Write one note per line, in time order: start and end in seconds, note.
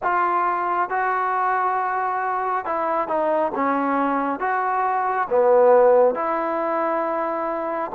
0.02 0.89 F4
0.89 2.65 F#4
2.65 3.08 E4
3.08 3.52 D#4
3.54 4.39 C#4
4.39 5.27 F#4
5.29 6.14 B3
6.14 7.91 E4